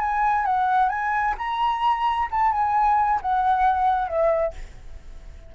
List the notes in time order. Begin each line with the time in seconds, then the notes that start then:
0.00 G#5
0.45 F#5
0.89 G#5
1.37 A#5
2.31 A5
2.51 G#5
3.21 F#5
4.07 E5